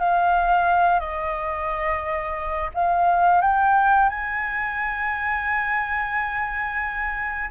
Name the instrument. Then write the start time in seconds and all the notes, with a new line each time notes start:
flute
0.00 F5
1.00 D#5
2.75 F5
3.42 G5
4.09 G#5